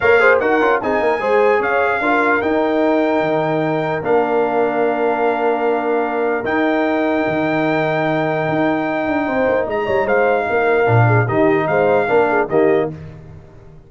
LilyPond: <<
  \new Staff \with { instrumentName = "trumpet" } { \time 4/4 \tempo 4 = 149 f''4 fis''4 gis''2 | f''2 g''2~ | g''2 f''2~ | f''1 |
g''1~ | g''1 | ais''4 f''2. | dis''4 f''2 dis''4 | }
  \new Staff \with { instrumentName = "horn" } { \time 4/4 cis''8 c''8 ais'4 gis'8 ais'8 c''4 | cis''4 ais'2.~ | ais'1~ | ais'1~ |
ais'1~ | ais'2. c''4 | dis''8 cis''8 c''4 ais'4. gis'8 | g'4 c''4 ais'8 gis'8 g'4 | }
  \new Staff \with { instrumentName = "trombone" } { \time 4/4 ais'8 gis'8 fis'8 f'8 dis'4 gis'4~ | gis'4 f'4 dis'2~ | dis'2 d'2~ | d'1 |
dis'1~ | dis'1~ | dis'2. d'4 | dis'2 d'4 ais4 | }
  \new Staff \with { instrumentName = "tuba" } { \time 4/4 ais4 dis'8 cis'8 c'8 ais8 gis4 | cis'4 d'4 dis'2 | dis2 ais2~ | ais1 |
dis'2 dis2~ | dis4 dis'4. d'8 c'8 ais8 | gis8 g8 gis4 ais4 ais,4 | dis4 gis4 ais4 dis4 | }
>>